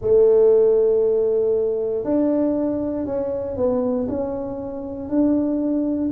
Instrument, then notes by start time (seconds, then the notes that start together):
tuba
0.01 A3
2.04 D4
3.06 C#4
3.56 B3
4.08 C#4
5.08 D4